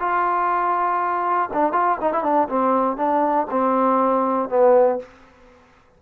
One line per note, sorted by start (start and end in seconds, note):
0.00 1.50 F4
1.54 1.73 D4
1.73 1.98 F4
2.01 2.13 D#4
2.13 2.23 E4
2.23 2.48 D4
2.49 2.97 C4
2.97 3.47 D4
3.51 4.49 C4
4.49 4.99 B3